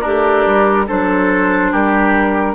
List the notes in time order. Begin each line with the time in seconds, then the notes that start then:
0.00 A3 D4 G4 A#4
0.46 G3
0.87 F#3 D4 A4 C5
1.71 G3 G4 A#4